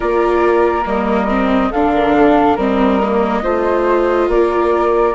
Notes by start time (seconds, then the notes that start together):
0.00 A#3 F4 A#4 D5
0.85 G3 A#3 D#5
1.28 C4
1.70 D3 D4 A4 F5
1.94 A#4
2.16 A4
2.55 G3 C4 A#4 D#5
3.02 A#3
3.42 A3 F4 C5
4.27 A#3 A#4 D5